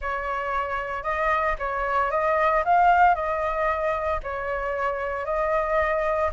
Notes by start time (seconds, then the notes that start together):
0.01 C#5
1.03 D#5
1.58 C#5
2.11 D#5
2.65 F5
3.14 D#5
4.23 C#5
5.25 D#5